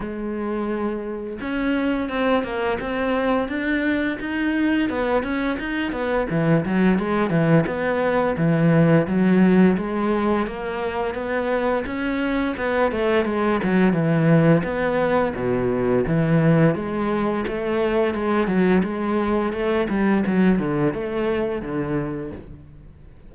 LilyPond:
\new Staff \with { instrumentName = "cello" } { \time 4/4 \tempo 4 = 86 gis2 cis'4 c'8 ais8 | c'4 d'4 dis'4 b8 cis'8 | dis'8 b8 e8 fis8 gis8 e8 b4 | e4 fis4 gis4 ais4 |
b4 cis'4 b8 a8 gis8 fis8 | e4 b4 b,4 e4 | gis4 a4 gis8 fis8 gis4 | a8 g8 fis8 d8 a4 d4 | }